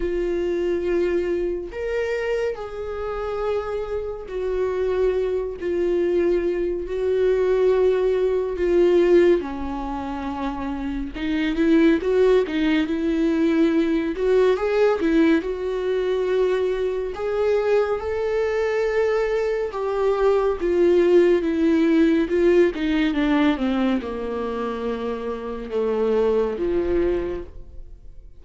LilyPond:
\new Staff \with { instrumentName = "viola" } { \time 4/4 \tempo 4 = 70 f'2 ais'4 gis'4~ | gis'4 fis'4. f'4. | fis'2 f'4 cis'4~ | cis'4 dis'8 e'8 fis'8 dis'8 e'4~ |
e'8 fis'8 gis'8 e'8 fis'2 | gis'4 a'2 g'4 | f'4 e'4 f'8 dis'8 d'8 c'8 | ais2 a4 f4 | }